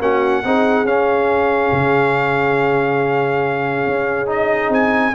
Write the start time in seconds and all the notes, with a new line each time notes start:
0.00 A#3 C#4 F#4 F#5
0.44 C4 D#4 G#4
0.84 C#4 F5
1.72 C#3
3.87 C#4
4.27 D#4 D#5
4.70 C4 G#5